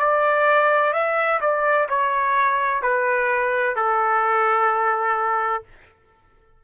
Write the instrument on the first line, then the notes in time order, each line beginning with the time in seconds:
trumpet
0.00 D5
0.93 E5
1.41 D5
1.89 C#5
2.83 B4
3.76 A4